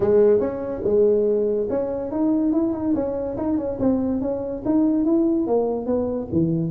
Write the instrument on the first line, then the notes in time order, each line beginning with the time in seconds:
tuba
0.00 G#3
0.40 C#4
0.84 G#3
1.69 C#4
2.11 D#4
2.52 E4
2.73 D#4
2.94 C#4
3.37 D#4
3.57 C#4
3.79 C4
4.21 C#4
4.65 D#4
5.04 E4
5.46 A#3
5.85 B3
6.31 E3